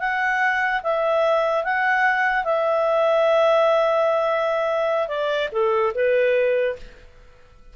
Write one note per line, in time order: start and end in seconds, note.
0.00 0.82 F#5
0.84 1.64 E5
1.64 2.45 F#5
2.45 5.08 E5
5.08 5.49 D5
5.52 5.93 A4
5.95 6.76 B4